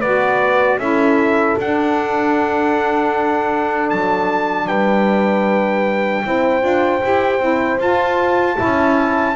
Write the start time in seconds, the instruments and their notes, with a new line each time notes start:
0.00 double bass B3, saxophone F#4, horn B4, trumpet D5
0.78 double bass C#4, saxophone E4, horn A4, trumpet E5
1.58 double bass D4, saxophone D4, trumpet F#5
3.90 double bass F#3, trumpet A5
4.67 double bass G3, horn B4, trumpet G5
6.24 double bass C4, saxophone E4, horn C5
6.61 double bass D4, saxophone F4
7.02 double bass E4, saxophone G4
7.40 double bass C4, saxophone E4
7.79 double bass F4, saxophone F4, trumpet A5
8.56 saxophone E4, horn E5
8.63 double bass C#4